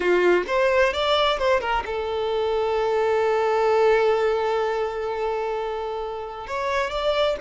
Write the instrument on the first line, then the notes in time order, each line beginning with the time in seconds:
violin
0.00 F4
0.47 C5
0.93 D5
1.38 C5
1.60 A#4
1.85 A4
6.47 C#5
6.90 D5